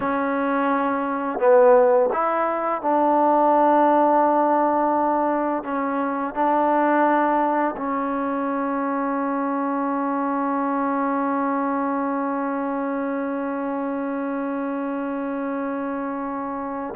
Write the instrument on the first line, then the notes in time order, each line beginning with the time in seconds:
trombone
0.00 C#4
1.39 B3
2.12 E4
2.81 D4
5.63 C#4
6.34 D4
7.76 C#4